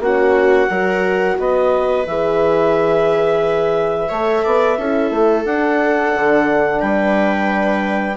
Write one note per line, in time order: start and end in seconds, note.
0.00 0.68 A#3
0.00 0.69 C#4
0.00 0.70 F#4
0.00 1.39 F#5
0.70 1.38 F#3
0.70 2.08 F#4
0.70 1.38 A#4
1.39 2.07 B3
1.39 4.09 B4
1.39 2.07 D#5
2.07 4.11 E3
2.07 4.11 G#4
2.07 5.46 E5
4.09 4.45 A3
4.09 4.80 A4
4.09 4.43 C#5
4.44 4.78 B3
4.44 4.78 D5
4.78 5.11 C#4
4.78 5.46 E4
4.78 6.81 A4
5.11 5.45 A3
5.45 6.13 D4
5.45 8.18 D4
5.45 6.81 F#5
6.16 6.82 D3
6.81 8.18 G3
6.81 8.17 B4
6.81 8.17 G5